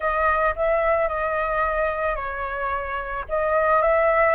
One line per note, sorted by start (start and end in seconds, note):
0.00 0.54 D#5
0.55 1.08 E5
1.08 2.15 D#5
2.15 3.25 C#5
3.29 3.82 D#5
3.82 4.35 E5